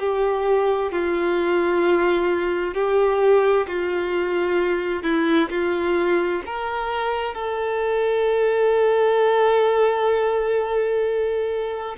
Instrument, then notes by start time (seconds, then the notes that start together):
violin
0.00 G4
0.92 F4
2.75 G4
3.68 F4
5.03 E4
5.50 F4
6.46 A#4
7.35 A4